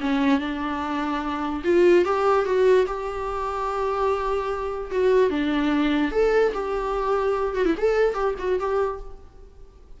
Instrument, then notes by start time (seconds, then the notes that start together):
viola
0.00 C#4
0.39 D4
1.63 F4
2.04 G4
2.45 F#4
2.86 G4
4.91 F#4
5.30 D4
6.11 A4
6.53 G4
7.55 F#4
7.65 E4
7.77 A4
8.14 G4
8.39 F#4
8.59 G4